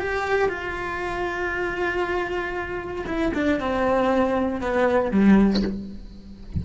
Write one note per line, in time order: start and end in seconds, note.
0.00 0.49 G4
0.49 3.05 F4
3.07 3.32 E4
3.34 3.60 D4
3.60 4.61 C4
4.61 5.11 B3
5.11 5.63 G3